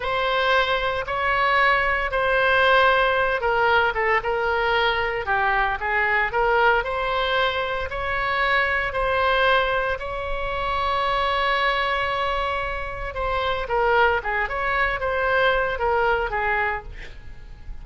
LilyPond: \new Staff \with { instrumentName = "oboe" } { \time 4/4 \tempo 4 = 114 c''2 cis''2 | c''2~ c''8 ais'4 a'8 | ais'2 g'4 gis'4 | ais'4 c''2 cis''4~ |
cis''4 c''2 cis''4~ | cis''1~ | cis''4 c''4 ais'4 gis'8 cis''8~ | cis''8 c''4. ais'4 gis'4 | }